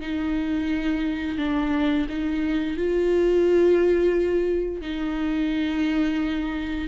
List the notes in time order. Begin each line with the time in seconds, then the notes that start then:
0.00 D#4
1.38 D4
2.09 D#4
2.77 F4
4.81 D#4